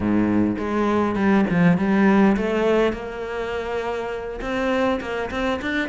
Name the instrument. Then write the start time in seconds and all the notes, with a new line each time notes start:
cello
0.00 G#2
0.57 G#3
1.15 G3
1.49 F3
1.77 G3
2.36 A3
2.93 A#3
4.41 C4
5.00 A#3
5.30 C4
5.61 D4